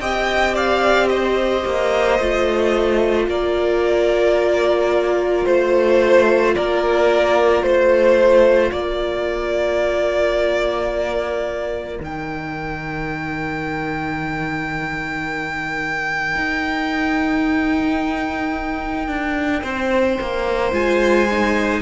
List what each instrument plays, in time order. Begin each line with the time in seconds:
0.00 cello C4, viola G4, violin D#5 G5
0.54 violin D5 F5
1.08 violin C5 D#5
1.65 cello A#3
2.19 cello A3, viola F4
3.27 cello A#3, violin A#4 D5
5.45 cello A3, violin C5
6.55 cello A#3, violin A#4 D5
7.62 cello A3, violin C5
8.71 cello A#3, violin A#4 D5
12.00 cello D#3, viola D#4, violin G5
16.35 cello D#4
19.08 cello D4
19.63 cello C4, violin C5
20.21 cello A#3
20.72 cello G#3, viola F4, violin G#5
21.31 viola D#4